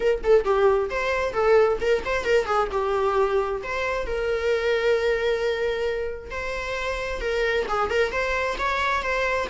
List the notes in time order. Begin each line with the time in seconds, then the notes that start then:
0.00 A#4
0.23 A4
0.44 G4
0.90 C5
1.33 A4
1.80 A#4
2.05 C5
2.24 A#4
2.45 G#4
2.71 G4
3.63 C5
4.06 A#4
6.31 C5
7.21 A#4
7.68 G#4
7.89 A#4
8.11 C5
8.58 C#5
9.02 C5